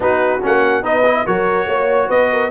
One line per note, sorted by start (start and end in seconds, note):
0.00 0.41 B3
0.00 0.39 D#4
0.00 0.83 F#4
0.00 0.44 B4
0.42 0.82 A#3
0.42 0.82 C#4
0.42 0.84 F#5
0.82 1.24 B3
0.82 1.03 D#4
0.82 1.25 B4
0.82 1.26 D#5
1.05 1.26 E4
1.26 1.66 F#3
1.26 2.50 F#4
1.26 1.67 A#4
1.26 2.10 C#5
1.66 2.08 A#3
1.66 2.07 C#5
2.07 2.50 B3
2.07 2.28 B4
2.07 2.50 D#5
2.31 2.50 A#4